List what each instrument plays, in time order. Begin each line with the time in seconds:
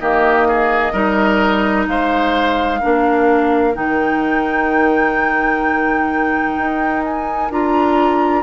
0.00 bassoon D#3, clarinet A#3, oboe G4, flute D#5
0.48 oboe G#4
0.93 bassoon G3, clarinet D#4, oboe A#4
1.88 bassoon G#3, oboe C5, flute F5
2.81 bassoon A#3, clarinet D4, oboe A#4
3.74 bassoon D#3, clarinet D#4, flute G5
6.58 bassoon D#4
7.05 flute G#5
7.51 bassoon D4, clarinet F4, flute A#5